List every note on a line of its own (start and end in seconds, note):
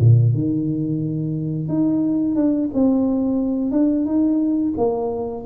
0.00 0.34 A#2
0.34 1.68 D#3
1.68 2.35 D#4
2.35 2.69 D4
2.74 3.72 C4
3.72 4.05 D4
4.05 4.74 D#4
4.77 5.45 A#3